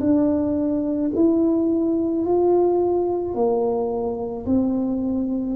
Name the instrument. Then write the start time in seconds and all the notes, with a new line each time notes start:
tuba
0.00 D4
1.15 E4
2.25 F4
3.34 A#3
4.46 C4